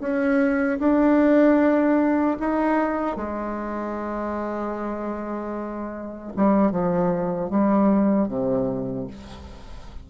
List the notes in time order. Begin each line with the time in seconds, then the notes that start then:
0.00 C#4
0.79 D4
2.39 D#4
3.16 G#3
6.36 G3
6.71 F3
7.50 G3
8.28 C3